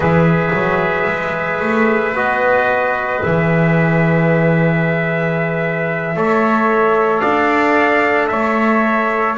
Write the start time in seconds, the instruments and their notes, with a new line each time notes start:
0.00 double bass E3, trombone G#4, trumpet B4 E5
0.53 double bass F#3
1.07 double bass G#3
1.60 double bass A3
2.12 double bass B3, trombone F#4, trumpet D#5
3.22 double bass E3, trombone G#4, trumpet E5
6.15 double bass A3, trombone A4, trumpet C#5
7.20 double bass D4, trumpet D5 F5
8.27 double bass A3, trumpet C#5 E5